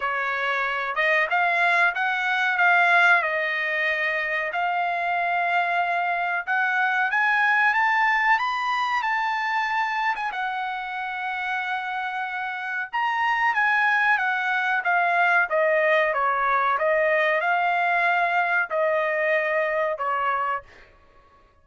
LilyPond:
\new Staff \with { instrumentName = "trumpet" } { \time 4/4 \tempo 4 = 93 cis''4. dis''8 f''4 fis''4 | f''4 dis''2 f''4~ | f''2 fis''4 gis''4 | a''4 b''4 a''4.~ a''16 gis''16 |
fis''1 | ais''4 gis''4 fis''4 f''4 | dis''4 cis''4 dis''4 f''4~ | f''4 dis''2 cis''4 | }